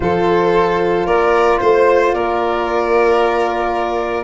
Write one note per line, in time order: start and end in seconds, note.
0.00 1.05 F3
0.00 4.24 F4
0.00 1.06 A4
0.00 1.06 C5
1.06 1.59 A#3
1.06 1.59 A#4
1.06 1.57 D5
1.57 2.14 A3
1.57 2.11 C5
1.57 2.14 C5
2.12 4.24 A#3
2.12 4.24 A#4
2.12 4.24 D5